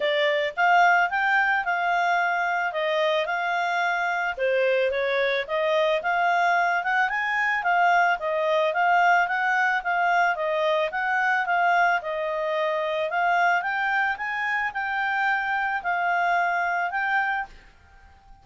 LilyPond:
\new Staff \with { instrumentName = "clarinet" } { \time 4/4 \tempo 4 = 110 d''4 f''4 g''4 f''4~ | f''4 dis''4 f''2 | c''4 cis''4 dis''4 f''4~ | f''8 fis''8 gis''4 f''4 dis''4 |
f''4 fis''4 f''4 dis''4 | fis''4 f''4 dis''2 | f''4 g''4 gis''4 g''4~ | g''4 f''2 g''4 | }